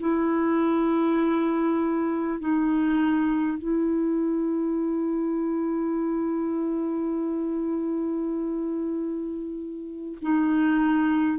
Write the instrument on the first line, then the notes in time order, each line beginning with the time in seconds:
clarinet
0.00 E4
2.40 D#4
3.58 E4
10.22 D#4